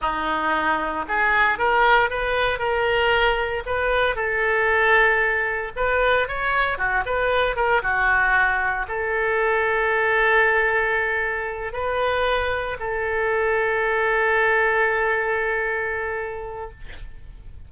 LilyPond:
\new Staff \with { instrumentName = "oboe" } { \time 4/4 \tempo 4 = 115 dis'2 gis'4 ais'4 | b'4 ais'2 b'4 | a'2. b'4 | cis''4 fis'8 b'4 ais'8 fis'4~ |
fis'4 a'2.~ | a'2~ a'8 b'4.~ | b'8 a'2.~ a'8~ | a'1 | }